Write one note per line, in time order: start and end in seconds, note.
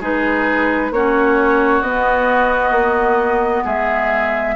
0.00 0.90 G#3
0.00 0.91 D#4
0.00 0.91 G#4
0.00 0.92 B4
0.90 1.81 A#3
0.90 1.84 C#4
0.90 3.63 F#4
0.90 1.82 C#5
1.81 2.71 B3
1.81 4.56 B3
1.81 3.64 D#5
2.71 3.62 A#3
3.63 4.56 G#3
3.63 4.54 G#4
3.63 4.56 E5